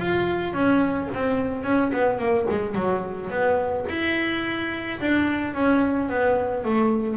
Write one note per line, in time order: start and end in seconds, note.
0.00 0.54 F4
0.54 1.09 C#4
1.14 1.64 C4
1.64 1.92 C#4
1.93 2.19 B3
2.19 2.46 A#3
2.50 2.75 G#3
2.75 3.31 F#3
3.31 3.86 B3
3.89 5.00 E4
5.01 5.54 D4
5.54 6.09 C#4
6.09 6.65 B3
6.65 7.18 A3